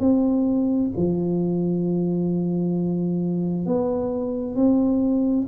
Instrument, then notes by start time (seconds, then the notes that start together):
tuba
0.00 C4
0.96 F3
3.66 B3
4.56 C4